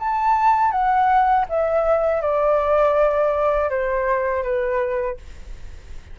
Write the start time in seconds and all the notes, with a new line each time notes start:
0.00 A5
0.72 F#5
1.49 E5
2.22 D5
3.70 C5
4.43 B4